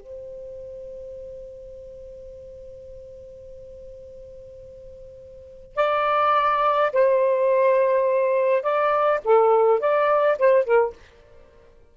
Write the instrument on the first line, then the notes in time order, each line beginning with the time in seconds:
saxophone
0.00 C5
5.76 D5
6.93 C5
8.63 D5
9.25 A4
9.80 D5
10.38 C5
10.65 A#4